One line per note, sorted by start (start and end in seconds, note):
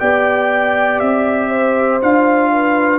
0.00 1.01 B3
0.00 2.01 G4
0.00 1.50 D5
0.00 1.00 G5
1.00 2.01 C4
1.00 2.00 E5
1.50 2.50 C5
2.01 2.99 D4
2.01 2.99 F4
2.01 2.99 F5
2.53 2.99 B4